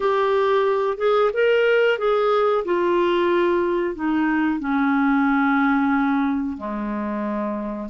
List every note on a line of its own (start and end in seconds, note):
0.00 0.97 G4
0.97 1.30 G#4
1.33 1.98 A#4
1.98 2.64 G#4
2.65 3.95 F4
3.95 4.59 D#4
4.59 6.57 C#4
6.57 7.89 G#3